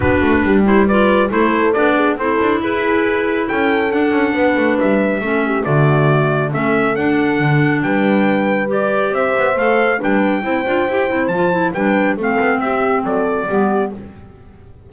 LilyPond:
<<
  \new Staff \with { instrumentName = "trumpet" } { \time 4/4 \tempo 4 = 138 b'4. c''8 d''4 c''4 | d''4 c''4 b'2 | g''4 fis''2 e''4~ | e''4 d''2 e''4 |
fis''2 g''2 | d''4 e''4 f''4 g''4~ | g''2 a''4 g''4 | f''4 e''4 d''2 | }
  \new Staff \with { instrumentName = "horn" } { \time 4/4 fis'4 g'4 b'4 a'4~ | a'8 gis'8 a'4 gis'2 | a'2 b'2 | a'8 g'8 fis'2 a'4~ |
a'2 b'2~ | b'4 c''2 b'4 | c''2. b'4 | a'4 g'4 a'4 g'4 | }
  \new Staff \with { instrumentName = "clarinet" } { \time 4/4 d'4. e'8 f'4 e'4 | d'4 e'2.~ | e'4 d'2. | cis'4 a2 cis'4 |
d'1 | g'2 a'4 d'4 | e'8 f'8 g'8 e'8 f'8 e'8 d'4 | c'2. b4 | }
  \new Staff \with { instrumentName = "double bass" } { \time 4/4 b8 a8 g2 a4 | b4 c'8 d'8 e'2 | cis'4 d'8 cis'8 b8 a8 g4 | a4 d2 a4 |
d'4 d4 g2~ | g4 c'8 b8 a4 g4 | c'8 d'8 e'8 c'8 f4 g4 | a8 b8 c'4 fis4 g4 | }
>>